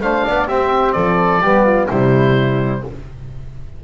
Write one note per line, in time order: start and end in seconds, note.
0.00 0.23 A3
0.00 0.49 D4
0.00 0.25 C5
0.00 0.48 F5
0.25 0.48 B3
0.25 0.48 D5
0.48 0.95 C4
0.48 1.43 C4
0.48 0.95 G4
0.48 0.93 E5
0.93 1.41 F3
0.93 1.42 A4
0.93 1.86 D5
1.41 1.88 G3
1.41 1.90 B3
1.41 1.64 G4
1.64 1.88 F4
1.88 2.84 C3
1.88 2.84 G3
1.88 2.81 E4
1.88 2.84 C5